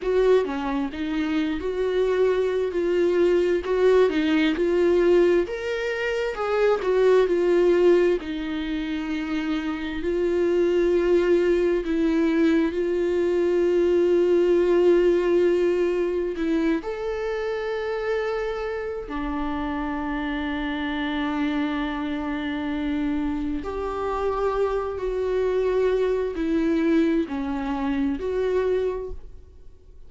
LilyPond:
\new Staff \with { instrumentName = "viola" } { \time 4/4 \tempo 4 = 66 fis'8 cis'8 dis'8. fis'4~ fis'16 f'4 | fis'8 dis'8 f'4 ais'4 gis'8 fis'8 | f'4 dis'2 f'4~ | f'4 e'4 f'2~ |
f'2 e'8 a'4.~ | a'4 d'2.~ | d'2 g'4. fis'8~ | fis'4 e'4 cis'4 fis'4 | }